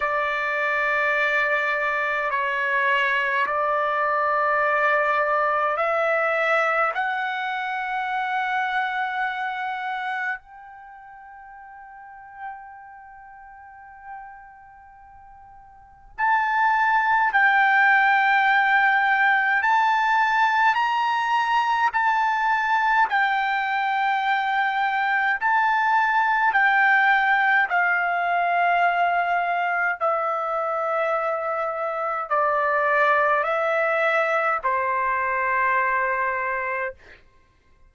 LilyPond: \new Staff \with { instrumentName = "trumpet" } { \time 4/4 \tempo 4 = 52 d''2 cis''4 d''4~ | d''4 e''4 fis''2~ | fis''4 g''2.~ | g''2 a''4 g''4~ |
g''4 a''4 ais''4 a''4 | g''2 a''4 g''4 | f''2 e''2 | d''4 e''4 c''2 | }